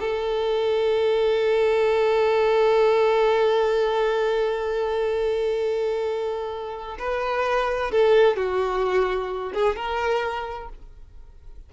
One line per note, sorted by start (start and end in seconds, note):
0.00 6.98 A4
6.99 7.91 B4
7.91 8.37 A4
8.37 9.53 F#4
9.54 9.76 G#4
9.76 10.69 A#4